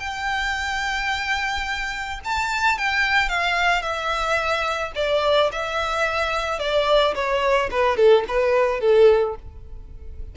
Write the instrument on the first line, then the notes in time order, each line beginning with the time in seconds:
violin
0.00 G5
2.24 A5
2.78 G5
3.29 F5
3.82 E5
4.95 D5
5.52 E5
6.59 D5
7.15 C#5
7.71 B4
7.97 A4
8.28 B4
8.81 A4